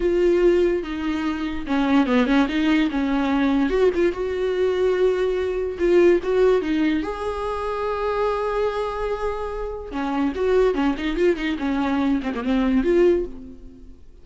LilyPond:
\new Staff \with { instrumentName = "viola" } { \time 4/4 \tempo 4 = 145 f'2 dis'2 | cis'4 b8 cis'8 dis'4 cis'4~ | cis'4 fis'8 f'8 fis'2~ | fis'2 f'4 fis'4 |
dis'4 gis'2.~ | gis'1 | cis'4 fis'4 cis'8 dis'8 f'8 dis'8 | cis'4. c'16 ais16 c'4 f'4 | }